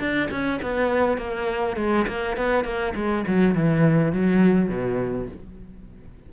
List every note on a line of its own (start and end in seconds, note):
0.00 0.29 D4
0.31 0.60 C#4
0.63 1.18 B3
1.18 1.77 A#3
1.77 2.06 G#3
2.08 2.37 A#3
2.37 2.64 B3
2.64 2.94 A#3
2.96 3.25 G#3
3.27 3.55 F#3
3.55 4.13 E3
4.13 4.69 F#3
4.69 5.28 B2